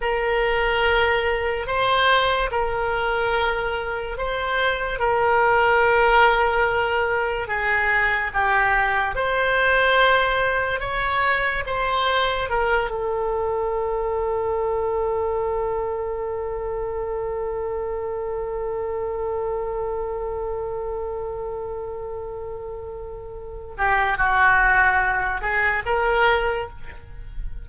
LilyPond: \new Staff \with { instrumentName = "oboe" } { \time 4/4 \tempo 4 = 72 ais'2 c''4 ais'4~ | ais'4 c''4 ais'2~ | ais'4 gis'4 g'4 c''4~ | c''4 cis''4 c''4 ais'8 a'8~ |
a'1~ | a'1~ | a'1~ | a'8 g'8 fis'4. gis'8 ais'4 | }